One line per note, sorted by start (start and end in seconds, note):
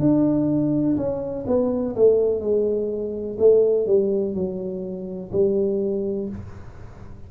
0.00 0.97 D4
0.97 1.46 C#4
1.47 1.96 B3
1.96 2.41 A3
2.41 3.37 G#3
3.39 3.87 A3
3.87 4.35 G3
4.35 5.31 F#3
5.32 6.29 G3